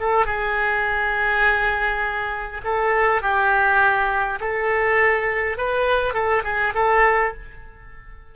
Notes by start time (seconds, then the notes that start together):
0.00 A4
0.26 G#4
2.65 A4
3.22 G4
4.40 A4
5.57 B4
6.14 A4
6.44 G#4
6.75 A4